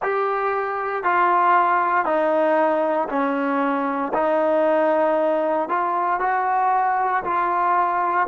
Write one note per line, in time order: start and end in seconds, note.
0.02 1.03 G4
1.03 2.05 F4
2.05 3.08 D#4
3.08 4.12 C#4
4.13 5.68 D#4
5.68 6.20 F4
6.20 7.23 F#4
7.24 8.27 F4